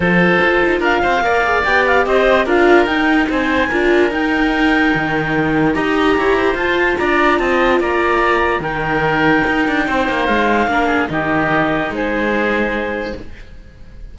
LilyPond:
<<
  \new Staff \with { instrumentName = "clarinet" } { \time 4/4 \tempo 4 = 146 c''2 f''2 | g''8 f''8 dis''4 f''4 g''4 | gis''2 g''2~ | g''2 ais''2 |
a''4 ais''4 a''4 ais''4~ | ais''4 g''2.~ | g''4 f''2 dis''4~ | dis''4 c''2. | }
  \new Staff \with { instrumentName = "oboe" } { \time 4/4 a'2 ais'8 c''8 d''4~ | d''4 c''4 ais'2 | c''4 ais'2.~ | ais'2 dis''4 cis''8 c''8~ |
c''4 d''4 dis''4 d''4~ | d''4 ais'2. | c''2 ais'8 gis'8 g'4~ | g'4 gis'2. | }
  \new Staff \with { instrumentName = "viola" } { \time 4/4 f'2. ais'8 gis'8 | g'2 f'4 dis'4~ | dis'4 f'4 dis'2~ | dis'2 g'2 |
f'1~ | f'4 dis'2.~ | dis'2 d'4 dis'4~ | dis'1 | }
  \new Staff \with { instrumentName = "cello" } { \time 4/4 f4 f'8 dis'8 d'8 c'8 ais4 | b4 c'4 d'4 dis'4 | c'4 d'4 dis'2 | dis2 dis'4 e'4 |
f'4 d'4 c'4 ais4~ | ais4 dis2 dis'8 d'8 | c'8 ais8 gis4 ais4 dis4~ | dis4 gis2. | }
>>